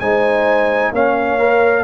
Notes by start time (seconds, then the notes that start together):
0.00 G#3 D#4 C5 G#5
0.92 A#3 C#4 C#5 F5
1.39 A#4